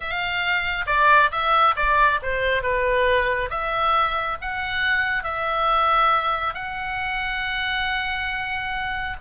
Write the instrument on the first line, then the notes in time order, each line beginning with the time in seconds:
oboe
0.00 F5
0.86 D5
1.31 E5
1.76 D5
2.22 C5
2.62 B4
3.50 E5
4.41 F#5
5.23 E5
6.54 F#5